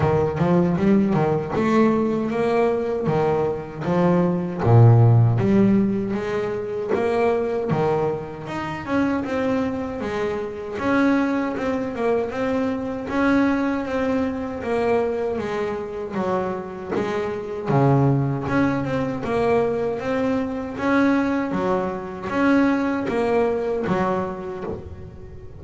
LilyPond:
\new Staff \with { instrumentName = "double bass" } { \time 4/4 \tempo 4 = 78 dis8 f8 g8 dis8 a4 ais4 | dis4 f4 ais,4 g4 | gis4 ais4 dis4 dis'8 cis'8 | c'4 gis4 cis'4 c'8 ais8 |
c'4 cis'4 c'4 ais4 | gis4 fis4 gis4 cis4 | cis'8 c'8 ais4 c'4 cis'4 | fis4 cis'4 ais4 fis4 | }